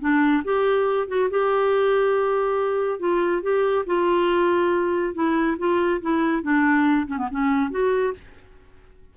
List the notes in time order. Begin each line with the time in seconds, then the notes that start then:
0.00 D4
0.44 G4
1.08 F#4
1.30 G4
2.99 F4
3.42 G4
3.86 F4
5.14 E4
5.58 F4
6.01 E4
6.42 D4
7.07 C#4
7.18 B3
7.31 C#4
7.70 F#4